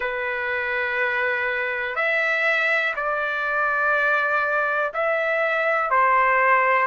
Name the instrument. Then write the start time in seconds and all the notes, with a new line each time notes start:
trumpet
0.00 B4
1.95 E5
2.96 D5
4.93 E5
5.90 C5